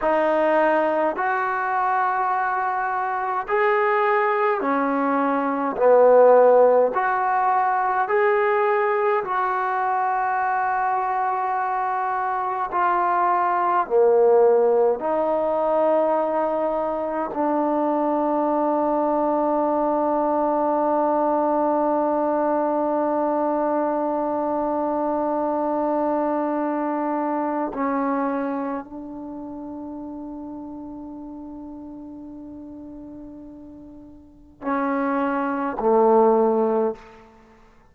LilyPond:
\new Staff \with { instrumentName = "trombone" } { \time 4/4 \tempo 4 = 52 dis'4 fis'2 gis'4 | cis'4 b4 fis'4 gis'4 | fis'2. f'4 | ais4 dis'2 d'4~ |
d'1~ | d'1 | cis'4 d'2.~ | d'2 cis'4 a4 | }